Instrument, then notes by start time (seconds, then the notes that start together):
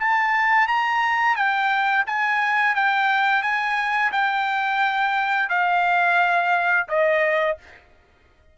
trumpet
0.00 A5
0.68 A#5
1.36 G5
2.07 G#5
2.76 G5
3.43 G#5
4.13 G5
5.50 F5
6.89 D#5